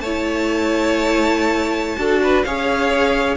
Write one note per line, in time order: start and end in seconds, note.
0.00 1.96 A3
0.00 1.97 E4
0.00 1.98 C#5
0.00 2.42 A5
1.97 2.43 D4
1.97 2.43 F#4
1.97 2.21 A4
2.22 2.45 B4
2.43 3.36 C#4
2.43 3.36 G#4
2.43 3.36 C#5
2.43 3.35 F5